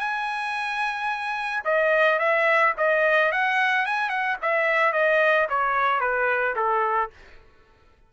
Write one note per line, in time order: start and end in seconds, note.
0.00 1.64 G#5
1.65 2.19 D#5
2.19 2.74 E5
2.78 3.32 D#5
3.32 3.86 F#5
3.86 4.10 G#5
4.10 4.37 F#5
4.42 4.93 E5
4.93 5.48 D#5
5.50 6.01 C#5
6.01 6.55 B4
6.56 7.11 A4